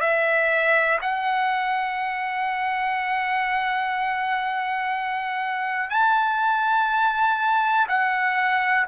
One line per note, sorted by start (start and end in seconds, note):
0.00 0.98 E5
1.01 5.90 F#5
5.90 7.86 A5
7.88 8.87 F#5